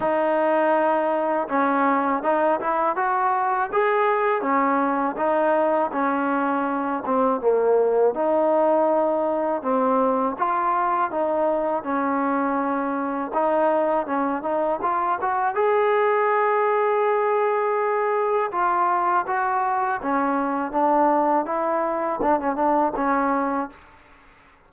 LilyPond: \new Staff \with { instrumentName = "trombone" } { \time 4/4 \tempo 4 = 81 dis'2 cis'4 dis'8 e'8 | fis'4 gis'4 cis'4 dis'4 | cis'4. c'8 ais4 dis'4~ | dis'4 c'4 f'4 dis'4 |
cis'2 dis'4 cis'8 dis'8 | f'8 fis'8 gis'2.~ | gis'4 f'4 fis'4 cis'4 | d'4 e'4 d'16 cis'16 d'8 cis'4 | }